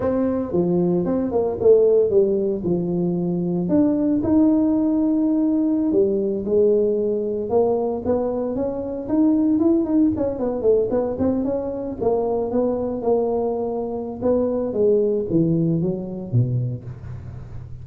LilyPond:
\new Staff \with { instrumentName = "tuba" } { \time 4/4 \tempo 4 = 114 c'4 f4 c'8 ais8 a4 | g4 f2 d'4 | dis'2.~ dis'16 g8.~ | g16 gis2 ais4 b8.~ |
b16 cis'4 dis'4 e'8 dis'8 cis'8 b16~ | b16 a8 b8 c'8 cis'4 ais4 b16~ | b8. ais2~ ais16 b4 | gis4 e4 fis4 b,4 | }